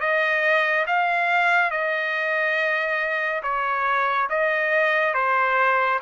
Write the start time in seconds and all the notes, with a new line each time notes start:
0.00 D#5
0.87 F5
1.71 D#5
3.43 C#5
4.29 D#5
5.14 C5